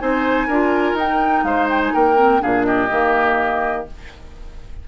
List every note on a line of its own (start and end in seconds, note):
0.00 0.48 C4
0.00 0.48 D#4
0.00 0.47 C5
0.00 0.97 G#5
0.47 0.94 D4
0.47 0.99 F4
0.47 1.44 A#4
0.94 1.42 D#4
0.94 2.16 D#4
0.94 1.44 G5
1.44 1.92 G#3
1.44 1.94 C5
1.44 1.68 F5
1.70 1.82 G5
1.84 1.95 G#5
1.94 2.43 A#3
1.94 2.42 A#4
1.94 2.43 G5
2.16 2.40 C4
2.40 2.91 A#2
2.40 2.89 D4
2.40 2.66 G#4
2.40 2.65 F5
2.65 3.88 G4
2.65 3.86 D#5
2.90 3.88 D#3
2.90 3.87 A#3